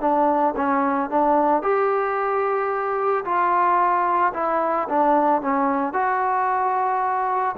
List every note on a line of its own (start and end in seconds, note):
0.00 0.54 D4
0.56 1.10 C#4
1.10 1.62 D4
1.62 3.24 G4
3.24 4.32 F4
4.33 4.87 E4
4.88 5.41 D4
5.41 5.93 C#4
5.93 7.55 F#4